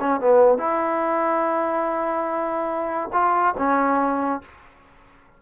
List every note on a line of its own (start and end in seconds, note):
0.00 0.20 C#4
0.20 0.58 B3
0.58 3.10 E4
3.13 3.55 F4
3.58 4.42 C#4